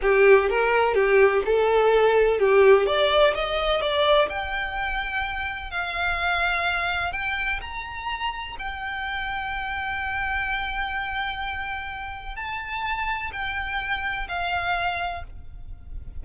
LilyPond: \new Staff \with { instrumentName = "violin" } { \time 4/4 \tempo 4 = 126 g'4 ais'4 g'4 a'4~ | a'4 g'4 d''4 dis''4 | d''4 g''2. | f''2. g''4 |
ais''2 g''2~ | g''1~ | g''2 a''2 | g''2 f''2 | }